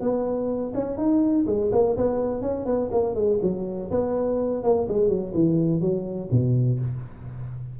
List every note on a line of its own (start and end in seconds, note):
0.00 0.73 B3
0.74 0.97 C#4
0.97 1.45 D#4
1.46 1.70 G#3
1.72 1.96 A#3
1.96 2.41 B3
2.41 2.65 C#4
2.65 2.90 B3
2.91 3.15 A#3
3.15 3.38 G#3
3.42 3.90 F#3
3.91 4.63 B3
4.63 4.87 A#3
4.88 5.08 G#3
5.08 5.32 F#3
5.34 5.80 E3
5.80 6.29 F#3
6.31 6.79 B2